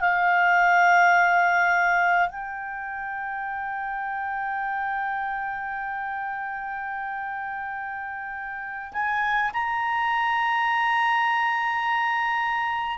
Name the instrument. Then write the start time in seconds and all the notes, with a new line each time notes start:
clarinet
0.00 F5
2.29 G5
8.93 G#5
9.53 A#5